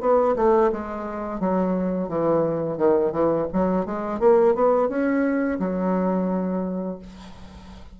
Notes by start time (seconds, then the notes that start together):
0.00 B3
0.36 A3
0.72 G#3
1.40 F#3
2.08 E3
2.77 D#3
3.11 E3
3.52 F#3
3.85 G#3
4.20 A#3
4.54 B3
4.89 C#4
5.59 F#3